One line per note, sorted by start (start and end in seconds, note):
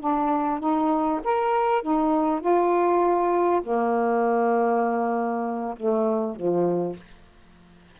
0.00 0.60 D4
0.60 1.20 D#4
1.24 1.82 A#4
1.82 2.40 D#4
2.40 3.61 F4
3.63 5.75 A#3
5.77 6.36 A3
6.36 6.96 F3